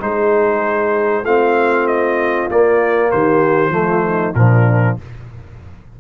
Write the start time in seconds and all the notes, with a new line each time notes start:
0.00 G#3 D#4 G#4 C5
1.24 A3 C4 F4 F5
1.87 D#5
2.50 A#3 D5
3.11 D#3 G4 C5
3.70 F3 A3 F4
4.05 D#4
4.35 A#2 F3 D4 A#4